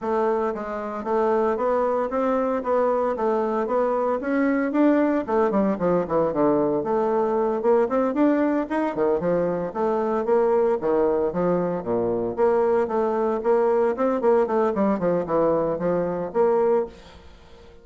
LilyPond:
\new Staff \with { instrumentName = "bassoon" } { \time 4/4 \tempo 4 = 114 a4 gis4 a4 b4 | c'4 b4 a4 b4 | cis'4 d'4 a8 g8 f8 e8 | d4 a4. ais8 c'8 d'8~ |
d'8 dis'8 dis8 f4 a4 ais8~ | ais8 dis4 f4 ais,4 ais8~ | ais8 a4 ais4 c'8 ais8 a8 | g8 f8 e4 f4 ais4 | }